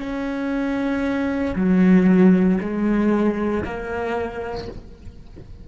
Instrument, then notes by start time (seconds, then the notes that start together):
cello
0.00 C#4
1.56 F#3
2.61 G#3
3.65 A#3